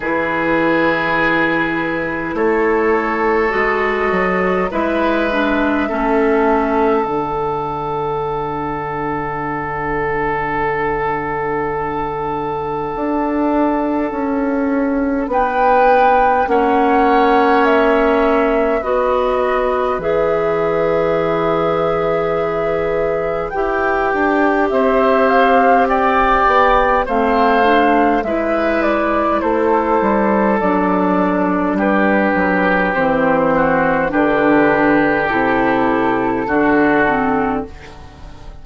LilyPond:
<<
  \new Staff \with { instrumentName = "flute" } { \time 4/4 \tempo 4 = 51 b'2 cis''4 dis''4 | e''2 fis''2~ | fis''1~ | fis''4 g''4 fis''4 e''4 |
dis''4 e''2. | g''4 e''8 f''8 g''4 f''4 | e''8 d''8 c''4 d''4 b'4 | c''4 b'4 a'2 | }
  \new Staff \with { instrumentName = "oboe" } { \time 4/4 gis'2 a'2 | b'4 a'2.~ | a'1~ | a'4 b'4 cis''2 |
b'1~ | b'4 c''4 d''4 c''4 | b'4 a'2 g'4~ | g'8 fis'8 g'2 fis'4 | }
  \new Staff \with { instrumentName = "clarinet" } { \time 4/4 e'2. fis'4 | e'8 d'8 cis'4 d'2~ | d'1~ | d'2 cis'2 |
fis'4 gis'2. | g'2. c'8 d'8 | e'2 d'2 | c'4 d'4 e'4 d'8 c'8 | }
  \new Staff \with { instrumentName = "bassoon" } { \time 4/4 e2 a4 gis8 fis8 | gis4 a4 d2~ | d2. d'4 | cis'4 b4 ais2 |
b4 e2. | e'8 d'8 c'4. b8 a4 | gis4 a8 g8 fis4 g8 fis8 | e4 d4 c4 d4 | }
>>